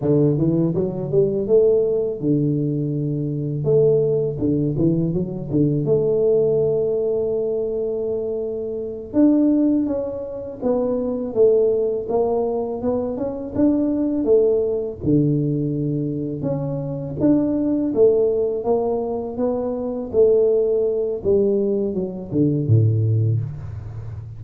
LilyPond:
\new Staff \with { instrumentName = "tuba" } { \time 4/4 \tempo 4 = 82 d8 e8 fis8 g8 a4 d4~ | d4 a4 d8 e8 fis8 d8 | a1~ | a8 d'4 cis'4 b4 a8~ |
a8 ais4 b8 cis'8 d'4 a8~ | a8 d2 cis'4 d'8~ | d'8 a4 ais4 b4 a8~ | a4 g4 fis8 d8 a,4 | }